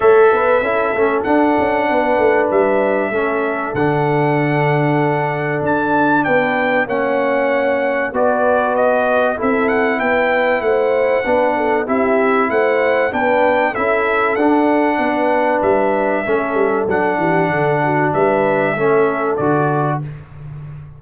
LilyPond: <<
  \new Staff \with { instrumentName = "trumpet" } { \time 4/4 \tempo 4 = 96 e''2 fis''2 | e''2 fis''2~ | fis''4 a''4 g''4 fis''4~ | fis''4 d''4 dis''4 e''8 fis''8 |
g''4 fis''2 e''4 | fis''4 g''4 e''4 fis''4~ | fis''4 e''2 fis''4~ | fis''4 e''2 d''4 | }
  \new Staff \with { instrumentName = "horn" } { \time 4/4 cis''8 b'8 a'2 b'4~ | b'4 a'2.~ | a'2 b'4 cis''4~ | cis''4 b'2 a'4 |
b'4 c''4 b'8 a'8 g'4 | c''4 b'4 a'2 | b'2 a'4. g'8 | a'8 fis'8 b'4 a'2 | }
  \new Staff \with { instrumentName = "trombone" } { \time 4/4 a'4 e'8 cis'8 d'2~ | d'4 cis'4 d'2~ | d'2. cis'4~ | cis'4 fis'2 e'4~ |
e'2 d'4 e'4~ | e'4 d'4 e'4 d'4~ | d'2 cis'4 d'4~ | d'2 cis'4 fis'4 | }
  \new Staff \with { instrumentName = "tuba" } { \time 4/4 a8 b8 cis'8 a8 d'8 cis'8 b8 a8 | g4 a4 d2~ | d4 d'4 b4 ais4~ | ais4 b2 c'4 |
b4 a4 b4 c'4 | a4 b4 cis'4 d'4 | b4 g4 a8 g8 fis8 e8 | d4 g4 a4 d4 | }
>>